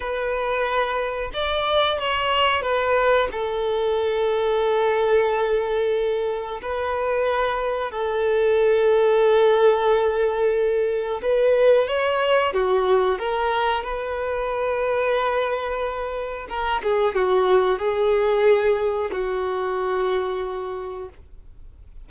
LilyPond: \new Staff \with { instrumentName = "violin" } { \time 4/4 \tempo 4 = 91 b'2 d''4 cis''4 | b'4 a'2.~ | a'2 b'2 | a'1~ |
a'4 b'4 cis''4 fis'4 | ais'4 b'2.~ | b'4 ais'8 gis'8 fis'4 gis'4~ | gis'4 fis'2. | }